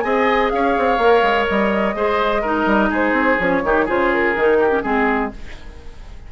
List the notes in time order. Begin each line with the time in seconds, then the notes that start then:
0.00 C4 G#4 D#5 G#5
0.49 C#4 C#5 F5
0.78 C4
0.97 A#3 A#4
1.22 G#3
1.48 G3 D#5
1.94 G#3 G#4 C5
2.41 D#4 A#4
2.66 G3
2.90 G#3 G#4 C5
3.12 C4
3.39 F3 C#4 C#5
3.63 D#3 D#4 G4
3.85 C#3 F4 G#4 C5
4.12 A#4
4.35 D#3 D#4
4.59 G4
4.70 C#4
4.83 G#3 C4 G#4